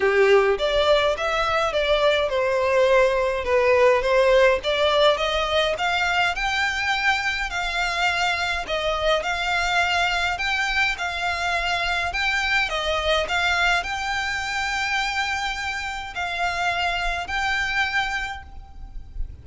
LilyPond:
\new Staff \with { instrumentName = "violin" } { \time 4/4 \tempo 4 = 104 g'4 d''4 e''4 d''4 | c''2 b'4 c''4 | d''4 dis''4 f''4 g''4~ | g''4 f''2 dis''4 |
f''2 g''4 f''4~ | f''4 g''4 dis''4 f''4 | g''1 | f''2 g''2 | }